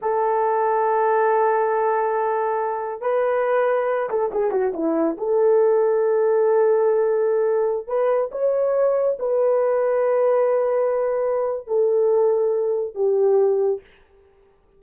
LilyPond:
\new Staff \with { instrumentName = "horn" } { \time 4/4 \tempo 4 = 139 a'1~ | a'2. b'4~ | b'4. a'8 gis'8 fis'8 e'4 | a'1~ |
a'2~ a'16 b'4 cis''8.~ | cis''4~ cis''16 b'2~ b'8.~ | b'2. a'4~ | a'2 g'2 | }